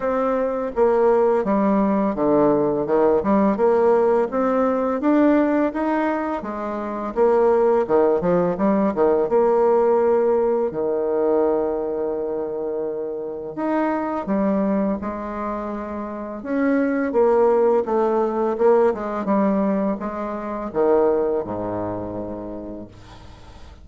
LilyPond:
\new Staff \with { instrumentName = "bassoon" } { \time 4/4 \tempo 4 = 84 c'4 ais4 g4 d4 | dis8 g8 ais4 c'4 d'4 | dis'4 gis4 ais4 dis8 f8 | g8 dis8 ais2 dis4~ |
dis2. dis'4 | g4 gis2 cis'4 | ais4 a4 ais8 gis8 g4 | gis4 dis4 gis,2 | }